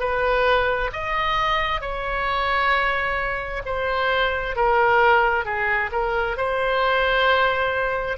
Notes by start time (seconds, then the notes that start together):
0.00 B4
0.93 D#5
1.81 C#5
3.66 C5
4.56 A#4
5.45 G#4
5.92 A#4
6.37 C5